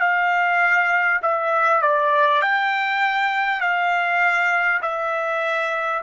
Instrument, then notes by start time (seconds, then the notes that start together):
trumpet
0.00 F5
1.22 E5
1.82 D5
2.41 G5
3.61 F5
4.81 E5